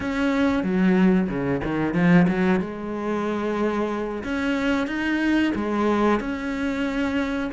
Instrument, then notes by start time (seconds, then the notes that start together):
cello
0.00 C#4
0.63 F#3
1.28 C#3
1.64 D#3
1.94 F3
2.27 F#3
2.60 G#3
4.23 C#4
4.87 D#4
5.55 G#3
6.20 C#4